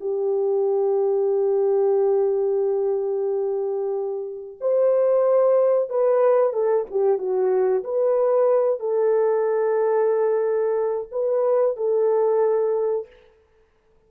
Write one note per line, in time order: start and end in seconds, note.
0.00 4.57 G4
4.60 5.89 C5
5.89 6.53 B4
6.53 6.85 A4
6.90 7.18 G4
7.18 7.83 F#4
7.84 8.80 B4
8.80 11.08 A4
11.11 11.77 B4
11.77 13.07 A4